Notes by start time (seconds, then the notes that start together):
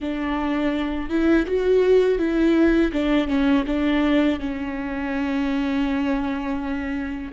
0.00 D4
1.09 E4
1.46 F#4
2.18 E4
2.92 D4
3.27 C#4
3.66 D4
4.39 C#4